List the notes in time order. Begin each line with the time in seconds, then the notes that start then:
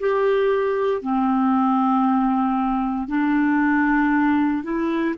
0.00 G4
1.02 C4
3.08 D4
4.64 E4